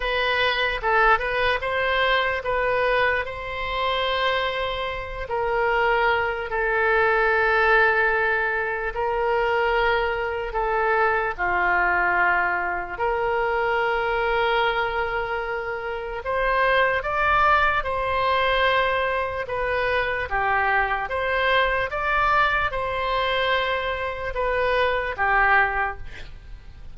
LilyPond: \new Staff \with { instrumentName = "oboe" } { \time 4/4 \tempo 4 = 74 b'4 a'8 b'8 c''4 b'4 | c''2~ c''8 ais'4. | a'2. ais'4~ | ais'4 a'4 f'2 |
ais'1 | c''4 d''4 c''2 | b'4 g'4 c''4 d''4 | c''2 b'4 g'4 | }